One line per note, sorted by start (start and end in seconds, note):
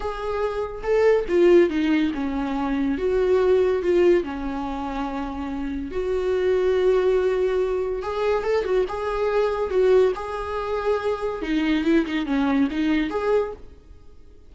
0.00 0.81 G#4
0.83 1.25 A4
1.28 1.69 F4
1.69 2.11 D#4
2.14 2.98 C#4
2.98 3.82 F#4
3.82 4.23 F4
4.23 5.91 C#4
5.91 8.02 F#4
8.02 8.43 G#4
8.43 8.64 A4
8.64 8.85 F#4
8.88 9.70 G#4
9.70 10.12 F#4
10.15 11.42 G#4
11.42 11.84 D#4
11.84 12.05 E4
12.05 12.26 D#4
12.26 12.68 C#4
12.70 13.10 D#4
13.10 13.52 G#4